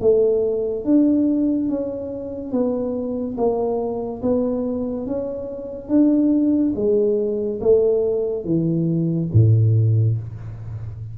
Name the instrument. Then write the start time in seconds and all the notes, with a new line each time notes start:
tuba
0.00 A3
0.85 D4
1.69 C#4
2.51 B3
3.37 A#3
4.22 B3
5.06 C#4
5.88 D4
6.75 G#3
7.60 A3
8.44 E3
9.33 A2